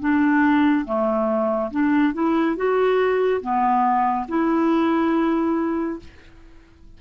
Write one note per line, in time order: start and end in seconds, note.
0.00 0.85 D4
0.85 1.71 A3
1.71 2.14 D4
2.14 2.56 E4
2.56 3.41 F#4
3.41 4.27 B3
4.28 6.00 E4